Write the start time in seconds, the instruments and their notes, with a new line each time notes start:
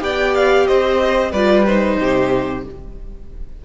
0.00 cello B3, viola G4, violin D5 G5
0.35 violin F5
0.67 cello C4, violin C5 D#5
1.32 cello G3, viola F4, violin B4 D5
1.66 viola D#4, violin C5
2.00 cello C3, violin G4